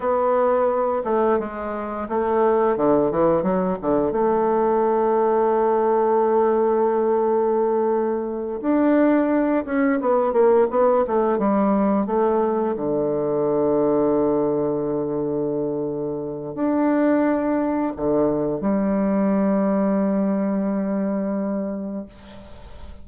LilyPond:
\new Staff \with { instrumentName = "bassoon" } { \time 4/4 \tempo 4 = 87 b4. a8 gis4 a4 | d8 e8 fis8 d8 a2~ | a1~ | a8 d'4. cis'8 b8 ais8 b8 |
a8 g4 a4 d4.~ | d1 | d'2 d4 g4~ | g1 | }